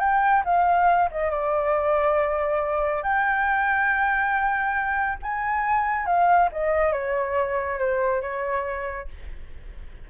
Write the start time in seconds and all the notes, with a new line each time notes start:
0.00 G5
0.45 F5
1.12 D#5
1.31 D5
3.03 G5
5.23 G#5
6.06 F5
6.52 D#5
6.93 C#5
7.79 C5
8.22 C#5